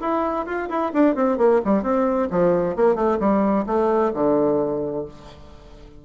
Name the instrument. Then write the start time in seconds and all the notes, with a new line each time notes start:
bassoon
0.00 E4
0.46 F4
0.69 E4
0.93 D4
1.15 C4
1.37 A#3
1.64 G3
1.82 C4
2.30 F3
2.75 A#3
2.95 A3
3.19 G3
3.66 A3
4.13 D3